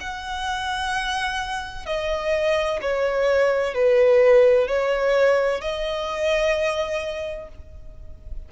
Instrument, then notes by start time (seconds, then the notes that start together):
violin
0.00 F#5
1.86 D#5
2.81 C#5
3.74 B4
4.67 C#5
5.61 D#5